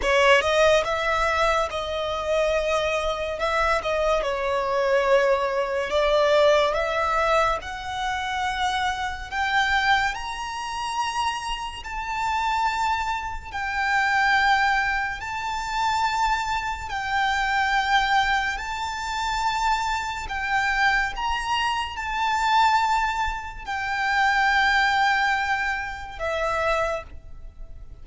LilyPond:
\new Staff \with { instrumentName = "violin" } { \time 4/4 \tempo 4 = 71 cis''8 dis''8 e''4 dis''2 | e''8 dis''8 cis''2 d''4 | e''4 fis''2 g''4 | ais''2 a''2 |
g''2 a''2 | g''2 a''2 | g''4 ais''4 a''2 | g''2. e''4 | }